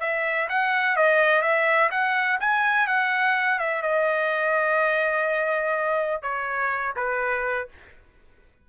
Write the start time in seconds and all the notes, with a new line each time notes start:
0.00 E5
0.49 F#5
0.96 D#5
1.42 E5
1.91 F#5
2.40 G#5
2.87 F#5
3.59 E5
3.82 D#5
6.22 C#5
6.96 B4